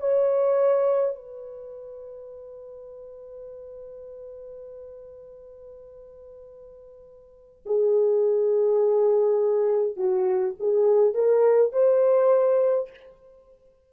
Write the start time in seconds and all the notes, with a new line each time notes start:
0.00 C#5
1.16 B4
7.66 G#4
9.97 F#4
10.60 G#4
11.14 A#4
11.73 C5